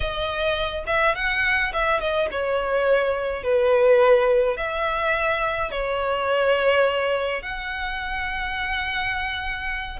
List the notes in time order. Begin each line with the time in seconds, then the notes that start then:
0.00 D#5
0.86 E5
1.15 F#5
1.73 E5
2.00 D#5
2.31 C#5
3.43 B4
4.56 E5
5.71 C#5
7.42 F#5